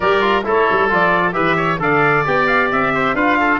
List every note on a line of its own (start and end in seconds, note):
0.00 0.45 G3
0.00 0.20 G4
0.00 0.45 A#4
0.00 0.45 D5
0.20 0.43 F4
0.44 0.67 A3
0.44 0.89 E4
0.44 1.35 A4
0.44 0.93 C#5
0.70 0.91 G3
0.89 1.35 F3
0.89 1.32 F4
0.89 1.33 D5
1.32 1.79 E3
1.32 1.77 G4
1.32 1.56 B4
1.32 1.78 E5
1.56 1.79 C#5
1.79 2.24 D3
1.79 2.24 A4
1.79 2.94 D5
1.79 2.26 F5
2.25 2.72 B3
2.25 3.15 G4
2.25 2.47 G5
2.47 2.69 F5
2.71 3.14 C4
2.71 3.15 E5
2.94 3.15 C5
3.14 3.59 D4
3.14 3.60 F4
3.14 3.38 B4
3.14 3.60 F5
3.39 3.60 A4